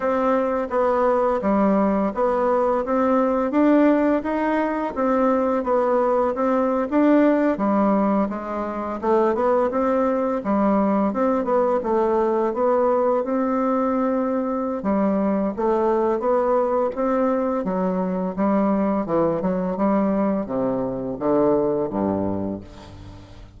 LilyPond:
\new Staff \with { instrumentName = "bassoon" } { \time 4/4 \tempo 4 = 85 c'4 b4 g4 b4 | c'4 d'4 dis'4 c'4 | b4 c'8. d'4 g4 gis16~ | gis8. a8 b8 c'4 g4 c'16~ |
c'16 b8 a4 b4 c'4~ c'16~ | c'4 g4 a4 b4 | c'4 fis4 g4 e8 fis8 | g4 c4 d4 g,4 | }